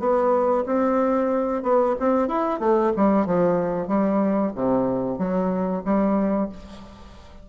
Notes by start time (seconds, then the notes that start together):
0.00 B3
0.66 C4
1.63 B3
2.00 C4
2.28 E4
2.60 A3
2.96 G3
3.26 F3
3.88 G3
4.55 C3
5.18 F#3
5.85 G3